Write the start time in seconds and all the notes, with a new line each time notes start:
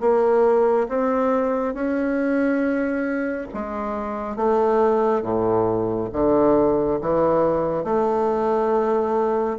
0.00 A#3
0.89 C4
1.74 C#4
3.54 G#3
4.36 A3
5.22 A2
6.13 D3
7.01 E3
7.84 A3